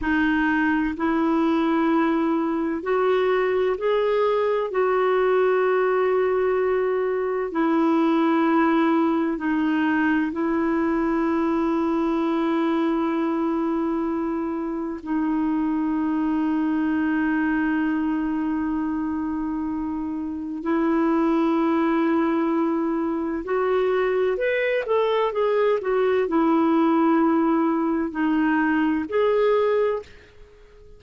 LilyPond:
\new Staff \with { instrumentName = "clarinet" } { \time 4/4 \tempo 4 = 64 dis'4 e'2 fis'4 | gis'4 fis'2. | e'2 dis'4 e'4~ | e'1 |
dis'1~ | dis'2 e'2~ | e'4 fis'4 b'8 a'8 gis'8 fis'8 | e'2 dis'4 gis'4 | }